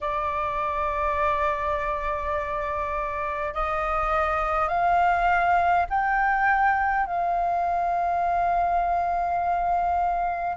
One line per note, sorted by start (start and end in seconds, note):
0.01 3.53 D5
3.53 4.68 D#5
4.68 5.86 F5
5.89 7.06 G5
7.06 10.56 F5